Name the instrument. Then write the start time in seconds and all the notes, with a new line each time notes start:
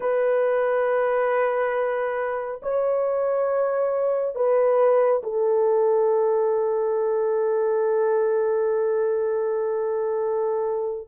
horn
0.00 B4
2.62 C#5
4.35 B4
5.23 A4